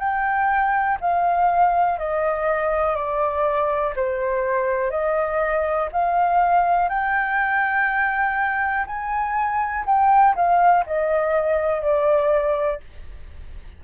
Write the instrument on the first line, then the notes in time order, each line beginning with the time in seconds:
flute
0.00 G5
1.01 F5
1.99 D#5
2.96 D5
3.96 C5
4.91 D#5
5.93 F5
6.89 G5
8.87 G#5
9.86 G5
10.36 F5
10.86 D#5
11.83 D5